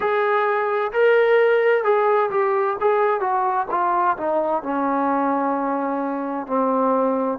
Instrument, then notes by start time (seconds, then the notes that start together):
trombone
0.00 G#4
0.92 A#4
1.83 G#4
2.30 G4
2.80 G#4
3.20 F#4
3.70 F4
4.17 D#4
4.62 C#4
6.47 C4